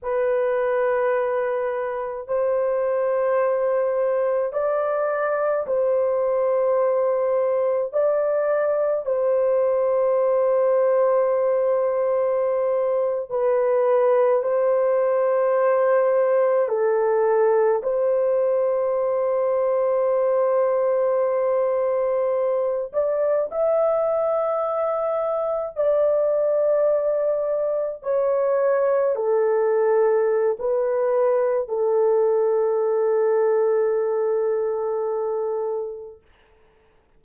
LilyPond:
\new Staff \with { instrumentName = "horn" } { \time 4/4 \tempo 4 = 53 b'2 c''2 | d''4 c''2 d''4 | c''2.~ c''8. b'16~ | b'8. c''2 a'4 c''16~ |
c''1~ | c''16 d''8 e''2 d''4~ d''16~ | d''8. cis''4 a'4~ a'16 b'4 | a'1 | }